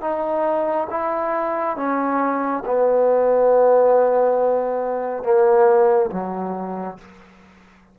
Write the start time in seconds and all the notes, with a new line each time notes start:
0.00 D#4
0.90 E4
1.76 C#4
2.65 B3
5.23 A#3
6.11 F#3